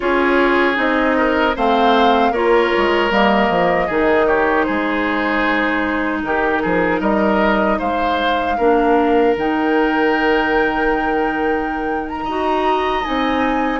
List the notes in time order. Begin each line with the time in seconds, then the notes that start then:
0.00 C#4 F4 G#4 C#5
0.74 C4 D#4 D#5
1.17 A#4
1.56 A3 C4 C5 F5
2.31 A#3 F4 A#4 C#5
2.77 G#3
3.10 G3 A#3 D#5
3.49 F3
3.86 D#3 D#4 G#4
4.27 G4 C#5
4.63 G#3 G#4 C5
6.23 D#3 G4 A#4
6.62 F3 G#4
7.00 G3 A#4 D#5
7.78 G#3 C5 F5
8.57 A#3 D4 A#4
9.36 D#3 D#4 G5
12.09 A#5
12.24 D#4 F#4 D#5
13.03 C4 D#4 G#5